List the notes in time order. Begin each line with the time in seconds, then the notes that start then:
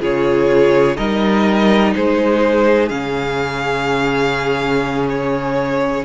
0.00 C#3 F4 G#4 C#5
0.96 G3 D#4 A#4 D#5
1.95 G#3 G#4 C5
2.88 C#3 C#4 F5
5.09 C#5